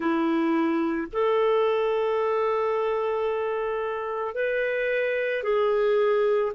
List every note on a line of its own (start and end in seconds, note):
0.00 1.07 E4
1.12 4.34 A4
4.34 5.43 B4
5.43 6.52 G#4